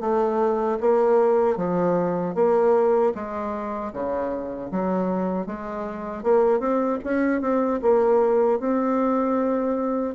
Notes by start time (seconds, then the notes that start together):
0.00 A3
0.80 A#3
1.57 F3
2.35 A#3
3.15 G#3
3.93 C#3
4.71 F#3
5.47 G#3
6.23 A#3
6.59 C4
7.04 C#4
7.41 C4
7.82 A#3
8.59 C4